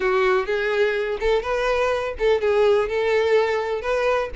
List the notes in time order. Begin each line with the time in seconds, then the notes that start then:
0.00 F#4
0.46 G#4
1.20 A4
1.42 B4
2.18 A4
2.40 G#4
2.88 A4
3.81 B4